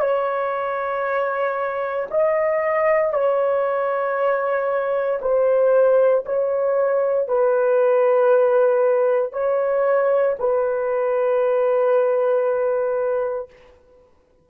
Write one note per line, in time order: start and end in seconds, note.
0.00 2.07 C#5
2.11 3.13 D#5
3.13 5.20 C#5
5.21 6.24 C5
6.25 7.27 C#5
7.27 9.32 B4
9.32 10.36 C#5
10.39 13.49 B4